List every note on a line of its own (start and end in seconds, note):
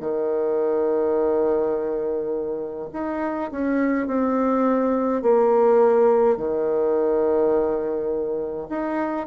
0.00 2.88 D#3
2.93 3.50 D#4
3.51 4.06 C#4
4.06 5.22 C4
5.22 6.37 A#3
6.37 8.68 D#3
8.69 9.26 D#4